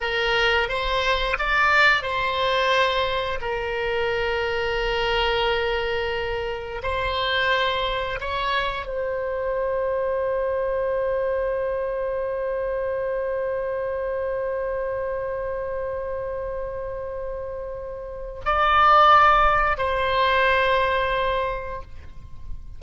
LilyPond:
\new Staff \with { instrumentName = "oboe" } { \time 4/4 \tempo 4 = 88 ais'4 c''4 d''4 c''4~ | c''4 ais'2.~ | ais'2 c''2 | cis''4 c''2.~ |
c''1~ | c''1~ | c''2. d''4~ | d''4 c''2. | }